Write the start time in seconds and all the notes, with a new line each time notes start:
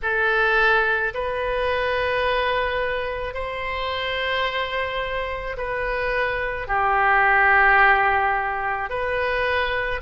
0.02 A4
1.14 B4
3.34 C5
5.57 B4
6.67 G4
8.89 B4